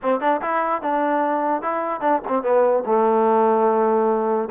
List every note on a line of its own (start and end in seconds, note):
0.02 0.20 C4
0.20 0.40 D4
0.41 0.82 E4
0.82 1.62 D4
1.62 2.01 E4
2.01 2.21 D4
2.28 2.42 C4
2.42 2.83 B3
2.86 4.49 A3